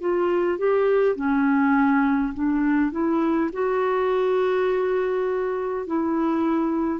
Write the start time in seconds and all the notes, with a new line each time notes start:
0.00 F4
0.58 G4
1.16 C#4
2.34 D4
2.91 E4
3.52 F#4
5.87 E4